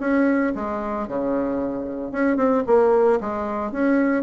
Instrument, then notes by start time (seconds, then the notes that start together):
bassoon
0.00 C#4
0.55 G#3
1.08 C#3
2.12 C#4
2.37 C4
2.67 A#3
3.21 G#3
3.72 C#4